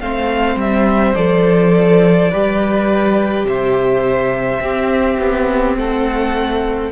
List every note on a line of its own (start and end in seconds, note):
0.00 0.55 A3
0.00 1.15 C4
0.00 2.31 C5
0.00 0.58 F5
0.55 1.13 G3
0.55 1.14 E5
1.14 2.31 F3
1.14 2.31 A4
1.14 3.45 D5
2.31 3.44 G3
2.31 4.61 G4
2.31 3.46 B4
3.44 4.59 C3
3.44 4.62 C5
3.44 5.76 E5
4.60 5.17 C4
4.60 6.91 C4
4.60 5.78 G4
5.18 5.76 B3
5.76 6.91 A3
5.76 6.91 A4
5.76 6.91 F#5